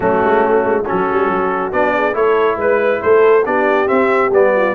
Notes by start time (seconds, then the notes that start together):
0.00 F#3 A3 C#4 F#4
0.24 G#3
0.45 A3
0.64 G#3
0.85 F#3 C#4 F#4 A4
1.12 G3
1.28 F#3
1.71 B3 D4 D5
1.96 G#4
2.12 A3 E4 A4 C#5
2.57 G#3 B4
3.02 A3 A4 C5
3.45 B3 D4 G4 D5
3.87 C4 E5
4.30 G3 B3 D5
4.55 F4